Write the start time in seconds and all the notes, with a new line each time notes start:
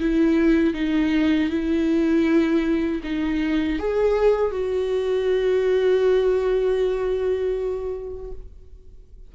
0.00 E4
0.74 D#4
1.50 E4
3.04 D#4
3.79 G#4
4.52 F#4